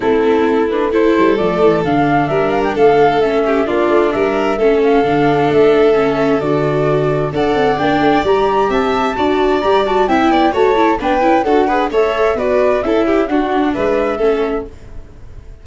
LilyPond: <<
  \new Staff \with { instrumentName = "flute" } { \time 4/4 \tempo 4 = 131 a'4. b'8 c''4 d''4 | f''4 e''8 f''16 g''16 f''4 e''4 | d''4 e''4. f''4. | e''2 d''2 |
fis''4 g''4 ais''4 a''4~ | a''4 ais''8 a''8 g''4 a''4 | g''4 fis''4 e''4 d''4 | e''4 fis''4 e''2 | }
  \new Staff \with { instrumentName = "violin" } { \time 4/4 e'2 a'2~ | a'4 ais'4 a'4. g'8 | f'4 ais'4 a'2~ | a'1 |
d''2. e''4 | d''2 e''8 d''8 cis''4 | b'4 a'8 b'8 cis''4 b'4 | a'8 g'8 fis'4 b'4 a'4 | }
  \new Staff \with { instrumentName = "viola" } { \time 4/4 c'4. d'8 e'4 a4 | d'2. cis'4 | d'2 cis'4 d'4~ | d'4 cis'4 fis'2 |
a'4 d'4 g'2 | fis'4 g'8 fis'8 e'4 fis'8 e'8 | d'8 e'8 fis'8 gis'8 a'4 fis'4 | e'4 d'2 cis'4 | }
  \new Staff \with { instrumentName = "tuba" } { \time 4/4 a2~ a8 g8 f8 e8 | d4 g4 a2 | ais8 a8 g4 a4 d4 | a2 d2 |
d'8 c'8 ais8 a8 g4 c'4 | d'4 g4 c'8 b8 a4 | b8 cis'8 d'4 a4 b4 | cis'4 d'4 gis4 a4 | }
>>